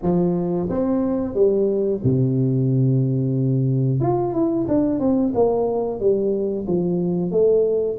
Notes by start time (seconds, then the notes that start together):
0.02 F3
0.69 C4
1.34 G3
2.03 C3
4.00 F4
4.33 E4
4.68 D4
4.99 C4
5.34 A#3
5.99 G3
6.67 F3
7.31 A3